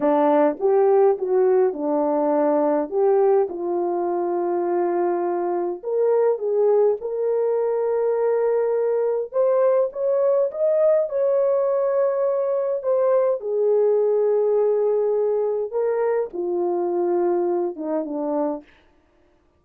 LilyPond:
\new Staff \with { instrumentName = "horn" } { \time 4/4 \tempo 4 = 103 d'4 g'4 fis'4 d'4~ | d'4 g'4 f'2~ | f'2 ais'4 gis'4 | ais'1 |
c''4 cis''4 dis''4 cis''4~ | cis''2 c''4 gis'4~ | gis'2. ais'4 | f'2~ f'8 dis'8 d'4 | }